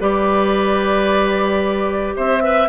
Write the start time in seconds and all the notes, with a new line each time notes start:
0.00 G3 G4 B4 D5
2.17 C4 C5 E5
2.43 B4 E5